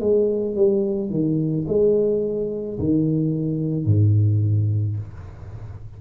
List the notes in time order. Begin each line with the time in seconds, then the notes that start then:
0.00 G#3
0.56 G3
1.10 D#3
1.68 G#3
2.79 D#3
3.86 G#2